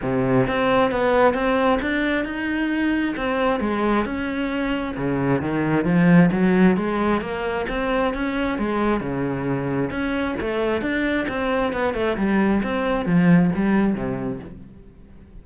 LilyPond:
\new Staff \with { instrumentName = "cello" } { \time 4/4 \tempo 4 = 133 c4 c'4 b4 c'4 | d'4 dis'2 c'4 | gis4 cis'2 cis4 | dis4 f4 fis4 gis4 |
ais4 c'4 cis'4 gis4 | cis2 cis'4 a4 | d'4 c'4 b8 a8 g4 | c'4 f4 g4 c4 | }